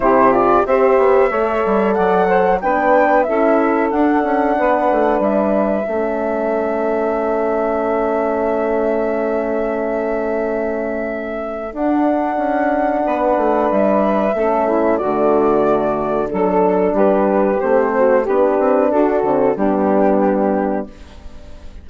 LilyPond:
<<
  \new Staff \with { instrumentName = "flute" } { \time 4/4 \tempo 4 = 92 c''8 d''8 e''2 fis''4 | g''4 e''4 fis''2 | e''1~ | e''1~ |
e''2 fis''2~ | fis''4 e''2 d''4~ | d''4 a'4 b'4 c''4 | b'4 a'4 g'2 | }
  \new Staff \with { instrumentName = "saxophone" } { \time 4/4 g'4 c''4 cis''4 d''8 c''8 | b'4 a'2 b'4~ | b'4 a'2.~ | a'1~ |
a'1 | b'2 a'8 e'8 fis'4~ | fis'4 a'4 g'4. fis'8 | g'4 fis'4 d'2 | }
  \new Staff \with { instrumentName = "horn" } { \time 4/4 e'8 f'8 g'4 a'2 | d'4 e'4 d'2~ | d'4 cis'2.~ | cis'1~ |
cis'2 d'2~ | d'2 cis'4 a4~ | a4 d'2 c'4 | d'4. c'8 b2 | }
  \new Staff \with { instrumentName = "bassoon" } { \time 4/4 c4 c'8 b8 a8 g8 fis4 | b4 cis'4 d'8 cis'8 b8 a8 | g4 a2.~ | a1~ |
a2 d'4 cis'4 | b8 a8 g4 a4 d4~ | d4 fis4 g4 a4 | b8 c'8 d'8 d8 g2 | }
>>